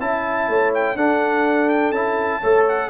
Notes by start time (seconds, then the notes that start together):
0.00 C#4 E4 E5 A5
0.48 A3 C#5
0.74 G5
0.96 D4 A4 F#5
1.69 G5
1.92 C#4 E4 A5
2.41 A3 A4 C#5
2.69 F#5